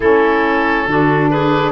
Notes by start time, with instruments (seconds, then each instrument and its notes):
0.00 tuba A3, saxophone C#4, clarinet E4, oboe A4
0.86 tuba D3, saxophone D4, clarinet F#4
1.30 clarinet G#4, oboe B4